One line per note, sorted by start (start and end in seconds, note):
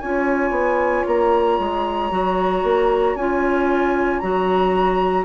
0.00 0.51 C#4
0.00 2.11 F4
0.00 5.25 C#5
0.00 1.05 G#5
0.51 1.04 B3
1.07 1.59 A#3
1.07 3.16 A#5
1.59 2.11 G#3
2.11 2.63 F#3
2.11 3.16 F#4
2.63 3.15 A#3
3.15 4.20 C#4
3.15 4.22 F4
3.15 4.20 G#5
4.20 5.25 F#3
4.20 5.25 F#4
4.20 5.25 A#5